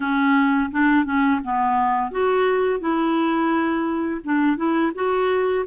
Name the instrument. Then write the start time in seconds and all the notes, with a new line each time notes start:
clarinet
0.00 C#4
0.71 D4
1.05 C#4
1.43 B3
2.11 F#4
2.80 E4
4.24 D4
4.57 E4
4.94 F#4